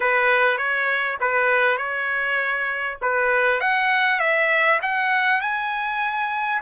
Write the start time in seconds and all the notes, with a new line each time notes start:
0.00 B4
0.57 C#5
1.20 B4
1.77 C#5
3.01 B4
3.60 F#5
4.19 E5
4.82 F#5
5.41 G#5